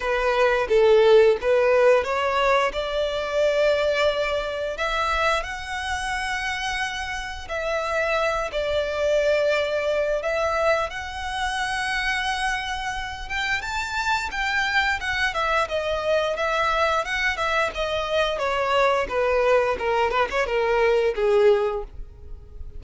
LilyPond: \new Staff \with { instrumentName = "violin" } { \time 4/4 \tempo 4 = 88 b'4 a'4 b'4 cis''4 | d''2. e''4 | fis''2. e''4~ | e''8 d''2~ d''8 e''4 |
fis''2.~ fis''8 g''8 | a''4 g''4 fis''8 e''8 dis''4 | e''4 fis''8 e''8 dis''4 cis''4 | b'4 ais'8 b'16 cis''16 ais'4 gis'4 | }